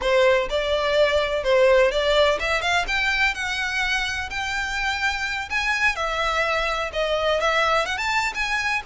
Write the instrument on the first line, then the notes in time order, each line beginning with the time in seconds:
violin
0.01 C5
0.49 D5
1.43 C5
1.91 D5
2.39 E5
2.61 F5
2.87 G5
3.34 F#5
4.30 G5
5.50 G#5
5.95 E5
6.92 D#5
7.40 E5
7.85 F#5
7.97 A5
8.34 G#5